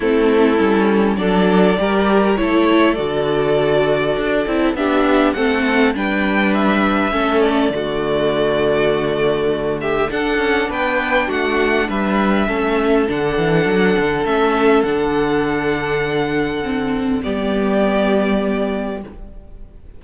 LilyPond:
<<
  \new Staff \with { instrumentName = "violin" } { \time 4/4 \tempo 4 = 101 a'2 d''2 | cis''4 d''2. | e''4 fis''4 g''4 e''4~ | e''8 d''2.~ d''8~ |
d''8 e''8 fis''4 g''4 fis''4 | e''2 fis''2 | e''4 fis''2.~ | fis''4 d''2. | }
  \new Staff \with { instrumentName = "violin" } { \time 4/4 e'2 a'4 ais'4 | a'1 | g'4 a'4 b'2 | a'4 fis'2.~ |
fis'8 g'8 a'4 b'4 fis'4 | b'4 a'2.~ | a'1~ | a'4 g'2. | }
  \new Staff \with { instrumentName = "viola" } { \time 4/4 c'4 cis'4 d'4 g'4 | e'4 fis'2~ fis'8 e'8 | d'4 c'4 d'2 | cis'4 a2.~ |
a4 d'2.~ | d'4 cis'4 d'2 | cis'4 d'2. | c'4 b2. | }
  \new Staff \with { instrumentName = "cello" } { \time 4/4 a4 g4 fis4 g4 | a4 d2 d'8 c'8 | b4 a4 g2 | a4 d2.~ |
d4 d'8 cis'8 b4 a4 | g4 a4 d8 e8 fis8 d8 | a4 d2.~ | d4 g2. | }
>>